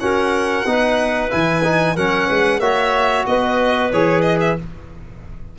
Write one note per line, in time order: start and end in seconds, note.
0.00 0.65 C#4
0.00 0.66 F#4
0.00 0.68 A#4
0.00 1.31 F#5
0.66 1.31 B3
0.66 1.30 D#4
0.66 1.95 B4
1.30 1.96 E3
1.30 1.63 E4
1.30 1.97 G#5
1.65 1.97 D#4
1.95 2.29 F#3
1.95 2.62 C#4
1.95 2.27 A#4
1.95 2.60 F#5
2.27 2.59 G#3
2.27 2.60 B4
2.59 3.25 A#3
2.59 3.92 F#4
2.59 3.27 C#5
2.59 3.26 E5
3.27 3.92 B3
3.27 4.58 B4
3.27 3.92 D#5
3.93 4.58 E3
3.93 4.59 G#4
3.93 4.22 C#5
4.22 4.38 D#5
4.41 4.57 E5